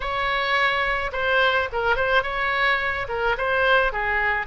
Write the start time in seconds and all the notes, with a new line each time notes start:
0.00 C#5
1.12 C5
1.72 A#4
1.95 C5
2.23 C#5
3.08 A#4
3.37 C5
3.92 G#4